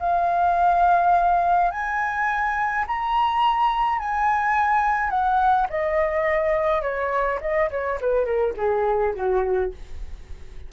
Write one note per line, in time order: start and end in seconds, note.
0.00 1.71 F5
1.71 2.85 G#5
2.88 3.99 A#5
3.99 5.11 G#5
5.11 5.68 F#5
5.70 6.83 D#5
6.83 7.40 C#5
7.41 7.70 D#5
7.71 7.99 C#5
8.01 8.26 B4
8.26 8.54 A#4
8.57 9.15 G#4
9.15 9.72 F#4